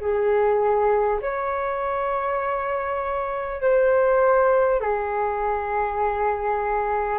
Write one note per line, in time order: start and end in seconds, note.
0.00 1.20 G#4
1.21 3.61 C#5
3.61 4.80 C5
4.80 7.18 G#4